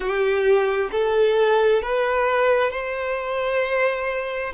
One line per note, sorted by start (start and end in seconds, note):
0.00 0.90 G4
0.91 1.82 A4
1.82 2.70 B4
2.70 4.52 C5